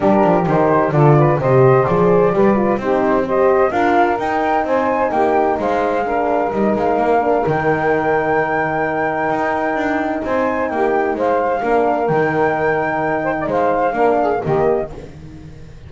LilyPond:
<<
  \new Staff \with { instrumentName = "flute" } { \time 4/4 \tempo 4 = 129 ais'4 c''4 d''4 dis''4 | d''2 c''4 dis''4 | f''4 g''4 gis''4 g''4 | f''2 dis''8 f''4. |
g''1~ | g''2 gis''4 g''4 | f''2 g''2~ | g''4 f''2 dis''4 | }
  \new Staff \with { instrumentName = "saxophone" } { \time 4/4 g'2 a'8 b'8 c''4~ | c''4 b'4 g'4 c''4 | ais'2 c''4 g'4 | c''4 ais'2.~ |
ais'1~ | ais'2 c''4 g'4 | c''4 ais'2.~ | ais'8 c''16 d''16 c''4 ais'8 gis'8 g'4 | }
  \new Staff \with { instrumentName = "horn" } { \time 4/4 d'4 dis'4 f'4 g'4 | gis'4 g'8 f'8 dis'4 g'4 | f'4 dis'2.~ | dis'4 d'4 dis'4. d'8 |
dis'1~ | dis'1~ | dis'4 d'4 dis'2~ | dis'2 d'4 ais4 | }
  \new Staff \with { instrumentName = "double bass" } { \time 4/4 g8 f8 dis4 d4 c4 | f4 g4 c'2 | d'4 dis'4 c'4 ais4 | gis2 g8 gis8 ais4 |
dis1 | dis'4 d'4 c'4 ais4 | gis4 ais4 dis2~ | dis4 gis4 ais4 dis4 | }
>>